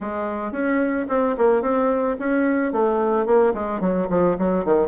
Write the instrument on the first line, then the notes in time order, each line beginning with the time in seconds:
bassoon
0.00 G#3
0.52 C#4
1.08 C4
1.37 A#3
1.62 C4
2.19 C#4
2.72 A3
3.26 A#3
3.54 G#3
3.80 F#3
4.09 F3
4.38 F#3
4.65 D#3